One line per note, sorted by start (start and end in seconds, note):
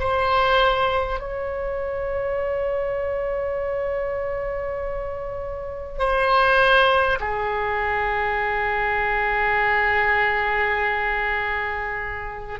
0.00 1.20 C5
1.20 5.99 C#5
5.99 7.19 C5
7.21 12.60 G#4